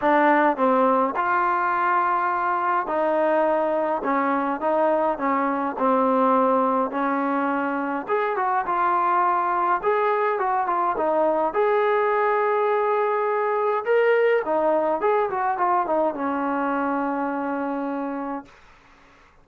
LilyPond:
\new Staff \with { instrumentName = "trombone" } { \time 4/4 \tempo 4 = 104 d'4 c'4 f'2~ | f'4 dis'2 cis'4 | dis'4 cis'4 c'2 | cis'2 gis'8 fis'8 f'4~ |
f'4 gis'4 fis'8 f'8 dis'4 | gis'1 | ais'4 dis'4 gis'8 fis'8 f'8 dis'8 | cis'1 | }